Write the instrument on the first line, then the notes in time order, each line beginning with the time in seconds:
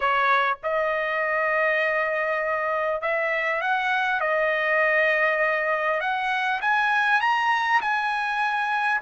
trumpet
0.00 C#5
0.63 D#5
3.01 E5
3.61 F#5
4.20 D#5
6.00 F#5
6.61 G#5
7.21 A#5
7.81 G#5